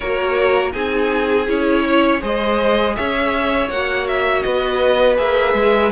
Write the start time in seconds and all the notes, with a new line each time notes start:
0.00 A#3 F#4 A#4 C#5
0.72 C4 D#4 G#4 G#5
1.47 C#4 E4 C#5
1.85 C#5
2.20 G#3 G#4 C5 D#5
2.95 C#4 C#5 E5
3.69 A#3 F#4 F#5
4.07 E5
4.42 B3 B4 D#5
5.16 A#3 G#4 E5
5.53 G#3